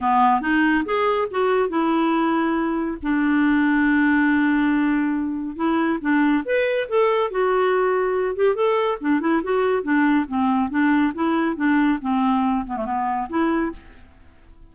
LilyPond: \new Staff \with { instrumentName = "clarinet" } { \time 4/4 \tempo 4 = 140 b4 dis'4 gis'4 fis'4 | e'2. d'4~ | d'1~ | d'4 e'4 d'4 b'4 |
a'4 fis'2~ fis'8 g'8 | a'4 d'8 e'8 fis'4 d'4 | c'4 d'4 e'4 d'4 | c'4. b16 a16 b4 e'4 | }